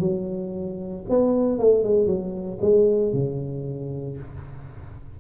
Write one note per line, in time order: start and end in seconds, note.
0.00 1.04 F#3
1.10 1.59 B3
1.59 1.84 A3
1.84 2.07 G#3
2.07 2.59 F#3
2.62 3.14 G#3
3.14 4.18 C#3